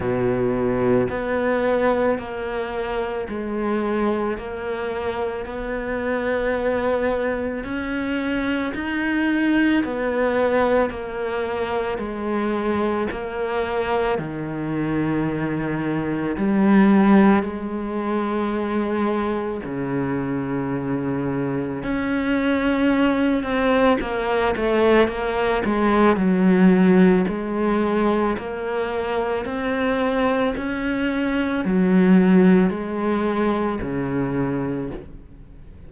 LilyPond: \new Staff \with { instrumentName = "cello" } { \time 4/4 \tempo 4 = 55 b,4 b4 ais4 gis4 | ais4 b2 cis'4 | dis'4 b4 ais4 gis4 | ais4 dis2 g4 |
gis2 cis2 | cis'4. c'8 ais8 a8 ais8 gis8 | fis4 gis4 ais4 c'4 | cis'4 fis4 gis4 cis4 | }